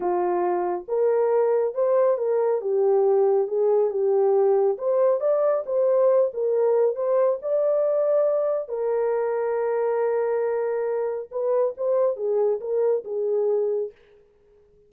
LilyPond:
\new Staff \with { instrumentName = "horn" } { \time 4/4 \tempo 4 = 138 f'2 ais'2 | c''4 ais'4 g'2 | gis'4 g'2 c''4 | d''4 c''4. ais'4. |
c''4 d''2. | ais'1~ | ais'2 b'4 c''4 | gis'4 ais'4 gis'2 | }